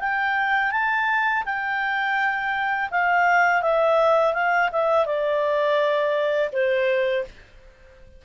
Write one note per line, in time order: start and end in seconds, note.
0.00 0.72 G5
0.72 1.44 A5
1.46 2.90 G5
2.91 3.62 F5
3.62 4.34 E5
4.34 4.70 F5
4.73 5.06 E5
5.06 6.50 D5
6.53 7.25 C5